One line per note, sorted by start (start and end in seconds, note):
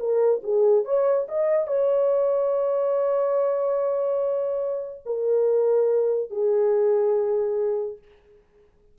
0.00 0.42 A#4
0.43 0.85 G#4
0.85 1.27 C#5
1.29 1.68 D#5
1.68 5.03 C#5
5.06 6.31 A#4
6.31 7.99 G#4